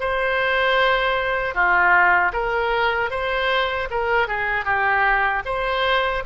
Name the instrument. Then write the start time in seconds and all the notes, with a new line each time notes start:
oboe
0.00 C5
1.54 F4
2.33 A#4
3.11 C5
3.90 A#4
4.28 G#4
4.65 G4
5.45 C5